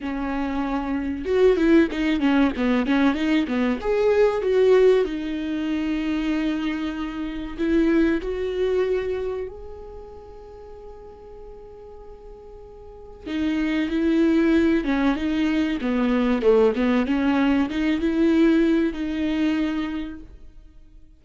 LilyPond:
\new Staff \with { instrumentName = "viola" } { \time 4/4 \tempo 4 = 95 cis'2 fis'8 e'8 dis'8 cis'8 | b8 cis'8 dis'8 b8 gis'4 fis'4 | dis'1 | e'4 fis'2 gis'4~ |
gis'1~ | gis'4 dis'4 e'4. cis'8 | dis'4 b4 a8 b8 cis'4 | dis'8 e'4. dis'2 | }